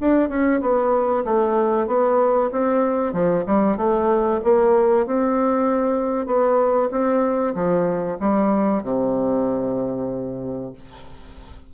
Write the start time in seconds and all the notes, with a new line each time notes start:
0.00 D4
0.29 C#4
0.61 B3
1.25 A3
1.87 B3
2.51 C4
3.13 F3
3.46 G3
3.77 A3
4.44 A#3
5.06 C4
6.26 B3
6.91 C4
7.54 F3
8.20 G3
8.83 C3